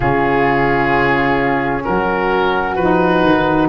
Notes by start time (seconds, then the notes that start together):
0.00 C#3 C#4 F4 G#4
1.84 F#3 F#4 A#4
2.75 F3 D#4 B4
3.24 D#3